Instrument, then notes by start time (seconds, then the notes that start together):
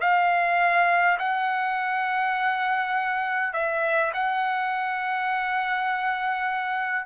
trumpet
0.00 F5
1.18 F#5
3.53 E5
4.13 F#5